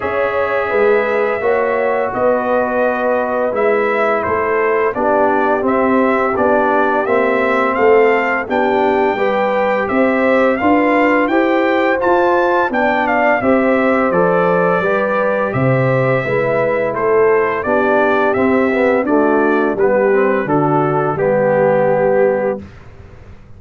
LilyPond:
<<
  \new Staff \with { instrumentName = "trumpet" } { \time 4/4 \tempo 4 = 85 e''2. dis''4~ | dis''4 e''4 c''4 d''4 | e''4 d''4 e''4 f''4 | g''2 e''4 f''4 |
g''4 a''4 g''8 f''8 e''4 | d''2 e''2 | c''4 d''4 e''4 d''4 | b'4 a'4 g'2 | }
  \new Staff \with { instrumentName = "horn" } { \time 4/4 cis''4 b'4 cis''4 b'4~ | b'2 a'4 g'4~ | g'2. a'4 | g'4 b'4 c''4 b'4 |
c''2 d''4 c''4~ | c''4 b'4 c''4 b'4 | a'4 g'2 fis'4 | g'4 fis'4 g'2 | }
  \new Staff \with { instrumentName = "trombone" } { \time 4/4 gis'2 fis'2~ | fis'4 e'2 d'4 | c'4 d'4 c'2 | d'4 g'2 f'4 |
g'4 f'4 d'4 g'4 | a'4 g'2 e'4~ | e'4 d'4 c'8 b8 a4 | b8 c'8 d'4 b2 | }
  \new Staff \with { instrumentName = "tuba" } { \time 4/4 cis'4 gis4 ais4 b4~ | b4 gis4 a4 b4 | c'4 b4 ais4 a4 | b4 g4 c'4 d'4 |
e'4 f'4 b4 c'4 | f4 g4 c4 gis4 | a4 b4 c'4 d'4 | g4 d4 g2 | }
>>